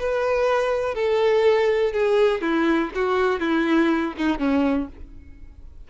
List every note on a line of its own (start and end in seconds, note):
0.00 0.95 B4
0.95 1.93 A4
1.93 2.42 G#4
2.42 2.91 E4
2.95 3.40 F#4
3.40 4.14 E4
4.18 4.39 D#4
4.39 4.88 C#4